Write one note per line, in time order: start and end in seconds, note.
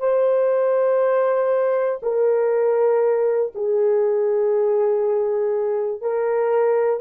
0.00 2.00 C5
2.03 3.53 A#4
3.55 6.01 G#4
6.01 7.00 A#4